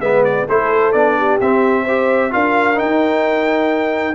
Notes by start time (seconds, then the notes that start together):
0.00 G#3 B3 B4 E5
0.25 D5
0.48 A3 E4 A4 C5
0.92 B3 D4 D5
1.18 G4
1.41 C4 E5
1.84 G4 C5
2.31 D4 F4 A#4 F5
2.75 D#4 G5
2.82 D#4